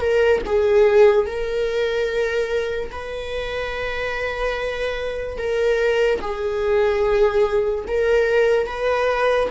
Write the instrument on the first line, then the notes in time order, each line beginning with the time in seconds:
viola
0.00 A#4
0.46 G#4
1.26 A#4
2.91 B4
5.38 A#4
6.21 G#4
7.87 A#4
8.66 B4